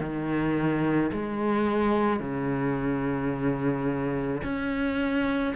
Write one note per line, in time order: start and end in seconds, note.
0.00 1.11 D#3
1.12 2.20 G#3
2.20 4.42 C#3
4.43 5.55 C#4